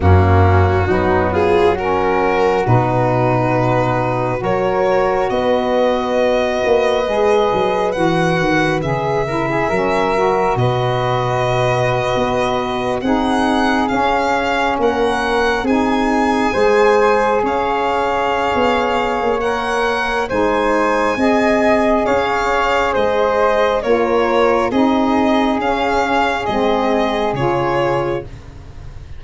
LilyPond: <<
  \new Staff \with { instrumentName = "violin" } { \time 4/4 \tempo 4 = 68 fis'4. gis'8 ais'4 b'4~ | b'4 cis''4 dis''2~ | dis''4 fis''4 e''2 | dis''2~ dis''8. fis''4 f''16~ |
f''8. fis''4 gis''2 f''16~ | f''2 fis''4 gis''4~ | gis''4 f''4 dis''4 cis''4 | dis''4 f''4 dis''4 cis''4 | }
  \new Staff \with { instrumentName = "flute" } { \time 4/4 cis'4 dis'8 f'8 fis'2~ | fis'4 ais'4 b'2~ | b'2~ b'8 ais'16 gis'16 ais'4 | b'2~ b'8. gis'4~ gis'16~ |
gis'8. ais'4 gis'4 c''4 cis''16~ | cis''2. c''4 | dis''4 cis''4 c''4 ais'4 | gis'1 | }
  \new Staff \with { instrumentName = "saxophone" } { \time 4/4 ais4 b4 cis'4 dis'4~ | dis'4 fis'2. | gis'4 fis'4 gis'8 e'8 cis'8 fis'8~ | fis'2~ fis'8. dis'4 cis'16~ |
cis'4.~ cis'16 dis'4 gis'4~ gis'16~ | gis'2 ais'4 dis'4 | gis'2. f'4 | dis'4 cis'4 c'4 f'4 | }
  \new Staff \with { instrumentName = "tuba" } { \time 4/4 fis,4 fis2 b,4~ | b,4 fis4 b4. ais8 | gis8 fis8 e8 dis8 cis4 fis4 | b,4.~ b,16 b4 c'4 cis'16~ |
cis'8. ais4 c'4 gis4 cis'16~ | cis'4 b8. ais4~ ais16 gis4 | c'4 cis'4 gis4 ais4 | c'4 cis'4 gis4 cis4 | }
>>